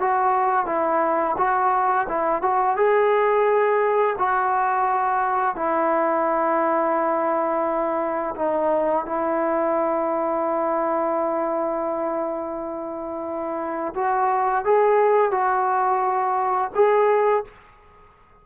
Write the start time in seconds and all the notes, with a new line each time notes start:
0.00 F#4
0.66 E4
1.37 F#4
2.08 E4
2.42 F#4
2.76 G#4
4.18 F#4
5.55 E4
8.35 D#4
9.05 E4
13.94 F#4
14.64 G#4
15.31 F#4
16.74 G#4